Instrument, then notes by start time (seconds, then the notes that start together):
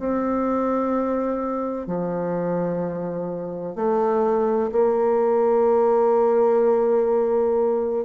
bassoon
0.00 C4
1.87 F3
3.76 A3
4.72 A#3